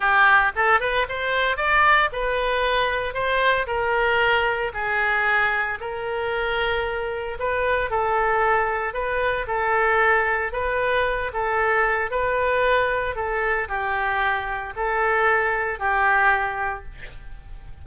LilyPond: \new Staff \with { instrumentName = "oboe" } { \time 4/4 \tempo 4 = 114 g'4 a'8 b'8 c''4 d''4 | b'2 c''4 ais'4~ | ais'4 gis'2 ais'4~ | ais'2 b'4 a'4~ |
a'4 b'4 a'2 | b'4. a'4. b'4~ | b'4 a'4 g'2 | a'2 g'2 | }